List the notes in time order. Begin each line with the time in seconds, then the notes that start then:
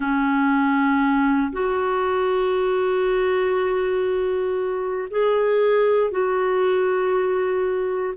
0.00 C#4
1.52 F#4
5.10 G#4
6.10 F#4